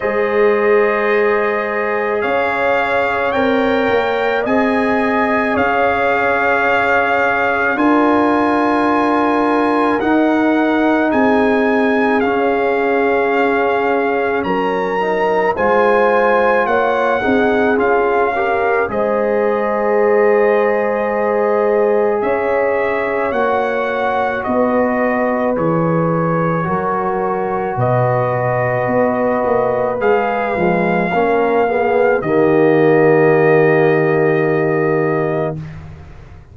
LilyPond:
<<
  \new Staff \with { instrumentName = "trumpet" } { \time 4/4 \tempo 4 = 54 dis''2 f''4 g''4 | gis''4 f''2 gis''4~ | gis''4 fis''4 gis''4 f''4~ | f''4 ais''4 gis''4 fis''4 |
f''4 dis''2. | e''4 fis''4 dis''4 cis''4~ | cis''4 dis''2 f''4~ | f''4 dis''2. | }
  \new Staff \with { instrumentName = "horn" } { \time 4/4 c''2 cis''2 | dis''4 cis''2 ais'4~ | ais'2 gis'2~ | gis'4 ais'4 c''4 cis''8 gis'8~ |
gis'8 ais'8 c''2. | cis''2 b'2 | ais'4 b'2. | ais'8 gis'8 g'2. | }
  \new Staff \with { instrumentName = "trombone" } { \time 4/4 gis'2. ais'4 | gis'2. f'4~ | f'4 dis'2 cis'4~ | cis'4. dis'8 f'4. dis'8 |
f'8 g'8 gis'2.~ | gis'4 fis'2 gis'4 | fis'2. gis'8 gis8 | cis'8 b8 ais2. | }
  \new Staff \with { instrumentName = "tuba" } { \time 4/4 gis2 cis'4 c'8 ais8 | c'4 cis'2 d'4~ | d'4 dis'4 c'4 cis'4~ | cis'4 fis4 gis4 ais8 c'8 |
cis'4 gis2. | cis'4 ais4 b4 e4 | fis4 b,4 b8 ais8 gis8 f8 | ais4 dis2. | }
>>